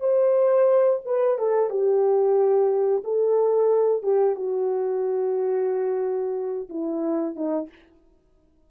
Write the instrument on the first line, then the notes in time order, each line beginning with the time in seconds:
horn
0.00 C5
1.05 B4
1.38 A4
1.70 G4
3.04 A4
4.03 G4
4.36 F#4
6.69 E4
7.36 D#4